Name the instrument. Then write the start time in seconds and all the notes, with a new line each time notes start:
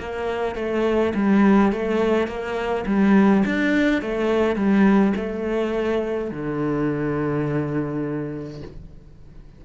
cello
0.00 A#3
0.56 A3
1.14 G3
1.73 A3
2.28 A#3
2.86 G3
3.46 D4
4.02 A3
4.56 G3
5.17 A3
6.31 D3